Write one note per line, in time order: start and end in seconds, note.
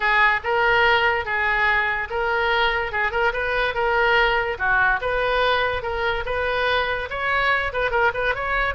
0.00 0.40 G#4
0.43 1.25 A#4
1.25 2.08 G#4
2.10 2.91 A#4
2.91 3.11 G#4
3.11 3.32 A#4
3.32 3.74 B4
3.74 4.57 A#4
4.58 5.00 F#4
5.01 5.82 B4
5.82 6.24 A#4
6.25 7.08 B4
7.09 7.72 C#5
7.73 7.90 B4
7.90 8.11 A#4
8.14 8.34 B4
8.34 8.74 C#5